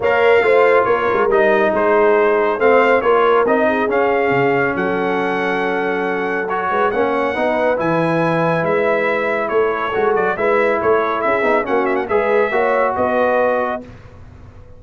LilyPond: <<
  \new Staff \with { instrumentName = "trumpet" } { \time 4/4 \tempo 4 = 139 f''2 cis''4 dis''4 | c''2 f''4 cis''4 | dis''4 f''2 fis''4~ | fis''2. cis''4 |
fis''2 gis''2 | e''2 cis''4. d''8 | e''4 cis''4 e''4 fis''8 e''16 fis''16 | e''2 dis''2 | }
  \new Staff \with { instrumentName = "horn" } { \time 4/4 cis''4 c''4 ais'2 | gis'2 c''4 ais'4~ | ais'8 gis'2~ gis'8 a'4~ | a'2.~ a'8 b'8 |
cis''4 b'2.~ | b'2 a'2 | b'4 a'4 gis'4 fis'4 | b'4 cis''4 b'2 | }
  \new Staff \with { instrumentName = "trombone" } { \time 4/4 ais'4 f'2 dis'4~ | dis'2 c'4 f'4 | dis'4 cis'2.~ | cis'2. fis'4 |
cis'4 dis'4 e'2~ | e'2. fis'4 | e'2~ e'8 dis'8 cis'4 | gis'4 fis'2. | }
  \new Staff \with { instrumentName = "tuba" } { \time 4/4 ais4 a4 ais8 gis8 g4 | gis2 a4 ais4 | c'4 cis'4 cis4 fis4~ | fis2.~ fis8 gis8 |
ais4 b4 e2 | gis2 a4 gis8 fis8 | gis4 a4 cis'8 b8 ais4 | gis4 ais4 b2 | }
>>